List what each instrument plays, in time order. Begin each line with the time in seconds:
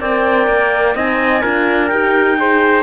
0.00 cello C4, horn A#4, trumpet D5, clarinet G5
0.48 cello A#3
0.95 cello C4, horn D#4, trumpet D#5, clarinet G#5
1.42 cello D4, horn F4, trumpet A#4
1.88 cello D#4, horn G4, clarinet G5
2.38 horn G#4, trumpet C5